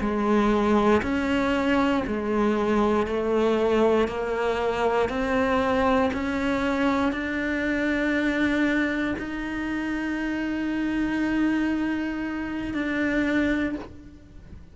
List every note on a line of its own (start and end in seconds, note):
0.00 1.02 G#3
1.02 2.03 C#4
2.07 3.06 G#3
3.06 4.08 A3
4.08 5.08 A#3
5.08 6.10 C4
6.13 7.12 C#4
7.12 9.15 D4
9.18 12.73 D#4
12.73 13.75 D4